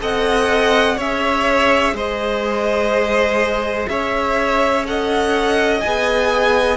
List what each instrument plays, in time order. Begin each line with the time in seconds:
0.00 cello C4, viola A4, violin D#5 F#5
0.97 cello C#4, viola G#4, violin C#5 E5
1.94 cello G#3, violin C5 D#5
3.89 cello C#4, violin C#5 E5
4.86 viola A4, violin D#5 F#5
5.81 cello B3, viola G#4, violin G#5